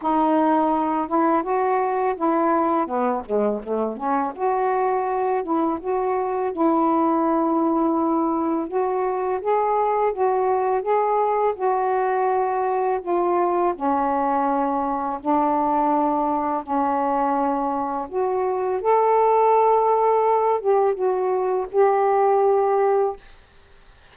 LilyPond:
\new Staff \with { instrumentName = "saxophone" } { \time 4/4 \tempo 4 = 83 dis'4. e'8 fis'4 e'4 | b8 gis8 a8 cis'8 fis'4. e'8 | fis'4 e'2. | fis'4 gis'4 fis'4 gis'4 |
fis'2 f'4 cis'4~ | cis'4 d'2 cis'4~ | cis'4 fis'4 a'2~ | a'8 g'8 fis'4 g'2 | }